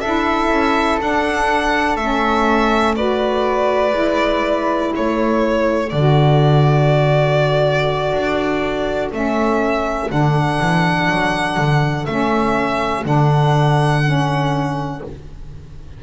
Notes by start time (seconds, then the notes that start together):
0.00 D4 E4 A4 E5
0.49 C#4
0.99 D4 F#5
1.96 A3 C#4 E5
2.96 F#4 B4 D5
3.91 G#3 E4
4.92 A3 A4 C#5
5.89 D3 D5
5.96 F#4
8.13 D4
9.12 A3 C#4 E5
10.08 D3 D4 F#5
10.61 E3
11.10 F#3
11.57 D3
12.05 A3 C#4 E5
13.04 D3 D4 F#5
14.04 C#4